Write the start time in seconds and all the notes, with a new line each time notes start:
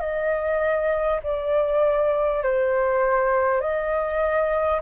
0.00 D#5
1.23 D5
2.43 C5
3.60 D#5